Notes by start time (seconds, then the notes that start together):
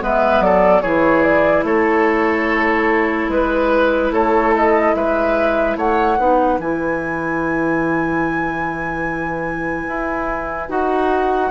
0.00 G#3 B3 B4 E5
0.40 F#3 A4 D5
0.81 E3 E4 G#4 C#5
1.22 D5
1.63 A3 A4 C#5
3.28 G#3 B4
4.11 A3 A4 C#5
4.56 D#5
4.94 G#3 B4 E5
5.76 A3 C#5 F#5
6.18 B3 D#4 B4
6.58 E3 E4 G#5
9.87 E4
10.69 D#4 F#4 F#5